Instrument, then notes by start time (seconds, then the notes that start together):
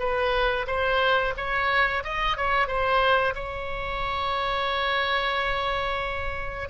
oboe
0.00 B4
0.68 C5
1.37 C#5
2.04 D#5
2.38 C#5
2.68 C5
3.36 C#5